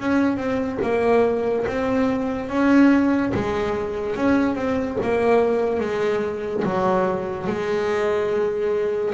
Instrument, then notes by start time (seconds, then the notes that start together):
double bass
0.00 C#4
0.37 C4
0.83 A#3
1.67 C4
2.50 C#4
3.34 G#3
4.16 C#4
4.56 C4
5.02 A#3
5.80 G#3
6.65 F#3
7.48 G#3